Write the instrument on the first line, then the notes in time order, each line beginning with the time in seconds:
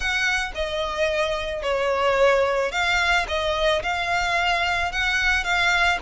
violin
0.00 F#5
0.54 D#5
1.62 C#5
2.71 F5
3.28 D#5
3.82 F5
4.92 F#5
5.44 F5